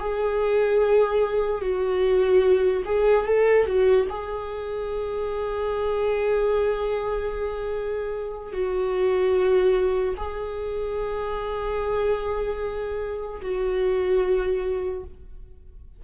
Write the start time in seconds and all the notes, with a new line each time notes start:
0.00 G#4
1.62 F#4
2.85 G#4
3.26 A4
3.66 F#4
4.09 G#4
8.53 F#4
10.17 G#4
13.42 F#4